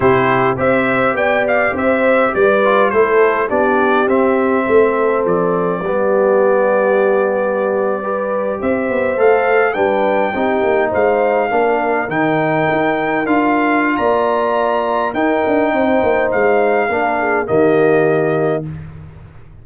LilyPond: <<
  \new Staff \with { instrumentName = "trumpet" } { \time 4/4 \tempo 4 = 103 c''4 e''4 g''8 f''8 e''4 | d''4 c''4 d''4 e''4~ | e''4 d''2.~ | d''2~ d''8. e''4 f''16~ |
f''8. g''2 f''4~ f''16~ | f''8. g''2 f''4~ f''16 | ais''2 g''2 | f''2 dis''2 | }
  \new Staff \with { instrumentName = "horn" } { \time 4/4 g'4 c''4 d''4 c''4 | b'4 a'4 g'2 | a'2 g'2~ | g'4.~ g'16 b'4 c''4~ c''16~ |
c''8. b'4 g'4 c''4 ais'16~ | ais'1 | d''2 ais'4 c''4~ | c''4 ais'8 gis'8 g'2 | }
  \new Staff \with { instrumentName = "trombone" } { \time 4/4 e'4 g'2.~ | g'8 f'8 e'4 d'4 c'4~ | c'2 b2~ | b4.~ b16 g'2 a'16~ |
a'8. d'4 dis'2 d'16~ | d'8. dis'2 f'4~ f'16~ | f'2 dis'2~ | dis'4 d'4 ais2 | }
  \new Staff \with { instrumentName = "tuba" } { \time 4/4 c4 c'4 b4 c'4 | g4 a4 b4 c'4 | a4 f4 g2~ | g2~ g8. c'8 b8 a16~ |
a8. g4 c'8 ais8 gis4 ais16~ | ais8. dis4 dis'4 d'4~ d'16 | ais2 dis'8 d'8 c'8 ais8 | gis4 ais4 dis2 | }
>>